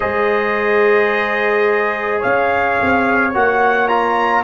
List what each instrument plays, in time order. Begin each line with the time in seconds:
0.00 tuba G#3, trombone G#4, horn C5, trumpet D#5
2.19 tuba C#4, horn C#5, trumpet F5
2.81 tuba C4
3.34 tuba A#3, trombone F#4, trumpet F#5
3.87 trombone F4, trumpet A#5